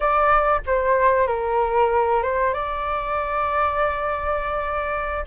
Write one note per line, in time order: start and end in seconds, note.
0.00 0.60 D5
0.66 1.27 C5
1.27 2.22 A#4
2.22 2.53 C5
2.53 5.25 D5